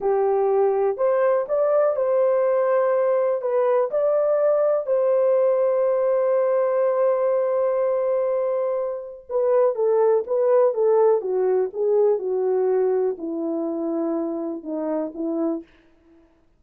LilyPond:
\new Staff \with { instrumentName = "horn" } { \time 4/4 \tempo 4 = 123 g'2 c''4 d''4 | c''2. b'4 | d''2 c''2~ | c''1~ |
c''2. b'4 | a'4 b'4 a'4 fis'4 | gis'4 fis'2 e'4~ | e'2 dis'4 e'4 | }